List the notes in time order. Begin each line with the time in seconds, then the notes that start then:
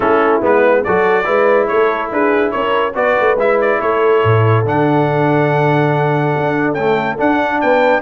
0.00 A3 C#4 E4 A4
0.41 G#3 B3 B4
0.84 F#3 F#4 A4 D5
1.24 G#3 E4 B4
1.67 A3 A4 C#5
2.11 D4 G#4 B4
2.51 C#4 A#4 C#5
2.94 B3 F#4 B4 D5
3.20 A3
3.35 G#3 E4 E5
3.61 D5
3.79 A3 A4 C#5
4.23 A2
4.64 D3 D4 F#5
6.36 D4
6.73 A3 C#4 G5
7.18 D4 F#5
7.60 B3 B4 G5